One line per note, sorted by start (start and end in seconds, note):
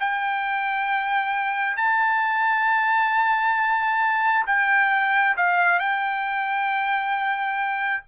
0.00 1.77 G5
1.77 4.46 A5
4.46 5.36 G5
5.37 5.79 F5
5.79 8.03 G5